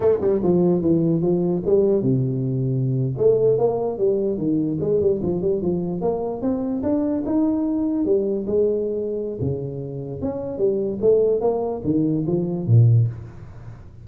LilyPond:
\new Staff \with { instrumentName = "tuba" } { \time 4/4 \tempo 4 = 147 a8 g8 f4 e4 f4 | g4 c2~ c8. a16~ | a8. ais4 g4 dis4 gis16~ | gis16 g8 f8 g8 f4 ais4 c'16~ |
c'8. d'4 dis'2 g16~ | g8. gis2~ gis16 cis4~ | cis4 cis'4 g4 a4 | ais4 dis4 f4 ais,4 | }